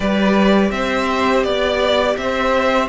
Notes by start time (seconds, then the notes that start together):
0.00 G3 G4 B4 D5
0.71 C4 C5 E5
1.43 B3 D5
2.17 C4 C5 E5